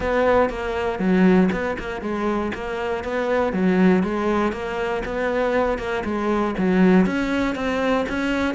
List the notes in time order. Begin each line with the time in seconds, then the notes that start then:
0.00 B3
0.49 A#3
0.99 F#3
1.51 B3
1.79 A#3
2.01 G#3
2.54 A#3
3.03 B3
3.52 F#3
4.03 G#3
4.52 A#3
5.05 B3
5.78 A#3
6.04 G#3
6.58 F#3
7.06 C#4
7.55 C4
8.09 C#4